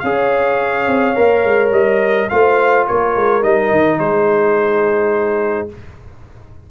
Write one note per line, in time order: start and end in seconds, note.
0.00 0.87 C#4
0.00 1.16 G#4
0.00 2.31 C#5
0.00 1.70 F5
0.87 1.15 C4
1.16 1.44 A#3
1.16 2.29 A#4
1.44 1.71 G#3
1.71 2.28 G3
1.71 2.29 D#5
2.29 2.88 A3
2.29 3.43 F4
2.29 2.87 C5
2.29 2.86 F5
2.87 3.16 A#3
2.87 4.00 A#4
2.87 3.43 C#5
3.16 3.44 G#3
3.43 3.72 G3
3.43 5.69 D#4
3.43 3.99 D#5
3.72 3.99 D#3
3.99 5.69 G#3
3.99 5.71 G#4
3.99 5.69 C5